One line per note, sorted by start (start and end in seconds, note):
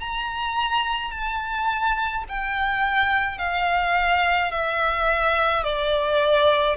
0.00 1.11 A#5
1.11 2.24 A5
2.28 3.38 G5
3.38 4.51 F5
4.51 5.63 E5
5.63 6.76 D5